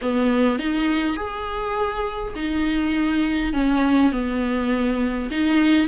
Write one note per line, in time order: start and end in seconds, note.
0.01 0.59 B3
0.59 1.16 D#4
1.16 2.33 G#4
2.35 3.53 D#4
3.53 4.12 C#4
4.12 5.29 B3
5.30 5.87 D#4